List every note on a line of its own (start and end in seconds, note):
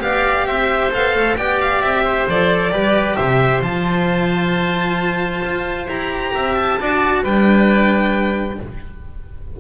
0.00 0.46 B3
0.00 0.90 G4
0.00 0.47 D5
0.00 0.46 F5
0.46 0.91 C4
0.46 1.37 C5
0.46 0.92 E5
0.91 1.15 B3
0.91 1.36 A4
0.91 1.37 F5
1.15 1.37 A3
1.37 1.82 B3
1.37 2.28 G4
1.37 2.04 D5
1.37 1.59 G5
1.60 1.81 F5
1.81 2.27 C4
1.81 2.26 E5
2.04 2.71 C5
2.28 2.71 F3
2.28 2.71 A4
2.28 3.16 D5
2.71 3.16 G3
2.71 3.61 G4
2.71 3.17 B4
3.16 3.61 C3
3.16 6.33 C5
3.16 3.62 E5
3.61 5.42 F3
3.61 5.87 F4
3.61 5.88 A5
5.45 5.87 F4
5.87 6.32 E4
5.87 6.79 G4
5.87 6.55 A#5
6.34 6.80 C4
6.34 6.79 E5
6.55 7.23 A5
6.80 7.23 D4
6.80 7.25 F#4
6.80 7.23 D5
7.23 8.58 G3
7.23 8.60 D4
7.23 8.58 B4
7.23 8.60 G5